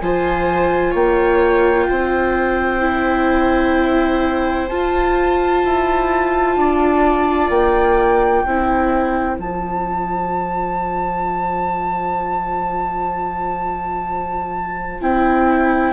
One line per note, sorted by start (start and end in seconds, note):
0.00 0.95 F3
0.00 2.81 F4
0.00 0.92 C5
0.00 0.94 G#5
0.92 1.88 A#3
0.92 1.86 C#5
0.92 4.69 G5
1.90 4.70 C4
1.90 6.59 C5
2.81 4.68 E4
4.69 5.64 F4
4.69 8.47 F4
4.69 7.50 A5
5.65 6.57 E4
6.57 7.50 D4
6.57 8.45 D5
7.50 8.44 A#3
7.50 9.38 G5
8.45 9.38 C4
8.45 9.41 E4
8.45 15.94 C5
9.38 15.01 F3
9.38 15.02 F4
9.38 15.02 A5
15.01 15.94 C4
15.01 15.94 E4
15.01 15.94 G5